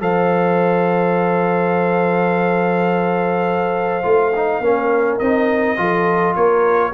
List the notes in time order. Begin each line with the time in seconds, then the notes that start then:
0.00 F3 A4 C5 F5
4.03 A3 F4
4.35 D#4
4.59 A#3 C#4 A#4
5.19 C4 D#4 D#5
5.77 F3 F4 A4
6.35 A#3 A#4 C#5